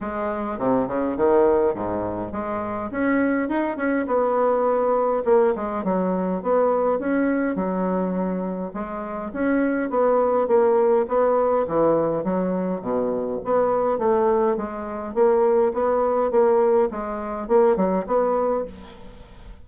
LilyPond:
\new Staff \with { instrumentName = "bassoon" } { \time 4/4 \tempo 4 = 103 gis4 c8 cis8 dis4 gis,4 | gis4 cis'4 dis'8 cis'8 b4~ | b4 ais8 gis8 fis4 b4 | cis'4 fis2 gis4 |
cis'4 b4 ais4 b4 | e4 fis4 b,4 b4 | a4 gis4 ais4 b4 | ais4 gis4 ais8 fis8 b4 | }